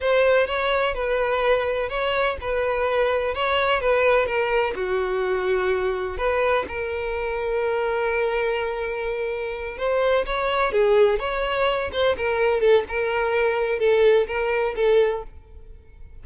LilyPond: \new Staff \with { instrumentName = "violin" } { \time 4/4 \tempo 4 = 126 c''4 cis''4 b'2 | cis''4 b'2 cis''4 | b'4 ais'4 fis'2~ | fis'4 b'4 ais'2~ |
ais'1~ | ais'8 c''4 cis''4 gis'4 cis''8~ | cis''4 c''8 ais'4 a'8 ais'4~ | ais'4 a'4 ais'4 a'4 | }